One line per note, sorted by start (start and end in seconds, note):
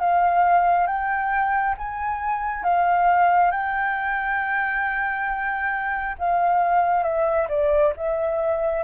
0.00 0.87 F5
0.87 1.75 G5
1.78 2.64 G#5
2.64 3.51 F5
3.51 6.16 G5
6.19 7.03 F5
7.03 7.48 E5
7.49 7.93 D5
7.97 8.84 E5